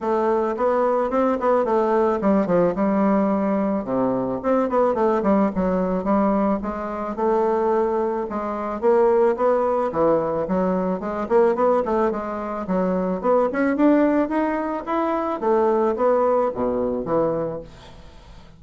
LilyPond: \new Staff \with { instrumentName = "bassoon" } { \time 4/4 \tempo 4 = 109 a4 b4 c'8 b8 a4 | g8 f8 g2 c4 | c'8 b8 a8 g8 fis4 g4 | gis4 a2 gis4 |
ais4 b4 e4 fis4 | gis8 ais8 b8 a8 gis4 fis4 | b8 cis'8 d'4 dis'4 e'4 | a4 b4 b,4 e4 | }